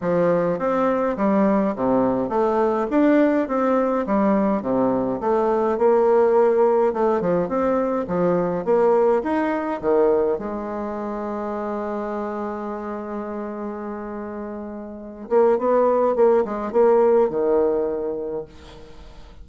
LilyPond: \new Staff \with { instrumentName = "bassoon" } { \time 4/4 \tempo 4 = 104 f4 c'4 g4 c4 | a4 d'4 c'4 g4 | c4 a4 ais2 | a8 f8 c'4 f4 ais4 |
dis'4 dis4 gis2~ | gis1~ | gis2~ gis8 ais8 b4 | ais8 gis8 ais4 dis2 | }